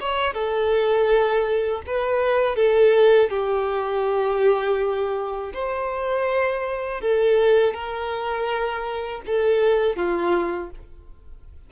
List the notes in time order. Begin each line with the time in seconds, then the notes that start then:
0.00 C#5
0.34 A4
1.87 B4
2.56 A4
3.30 G4
5.54 C5
7.01 A4
7.73 A#4
9.26 A4
9.96 F4